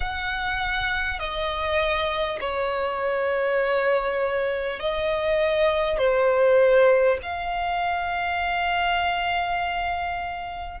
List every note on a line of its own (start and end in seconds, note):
0.00 1.19 F#5
1.19 2.39 D#5
2.40 4.79 C#5
4.79 5.97 D#5
5.97 7.17 C5
7.22 10.80 F5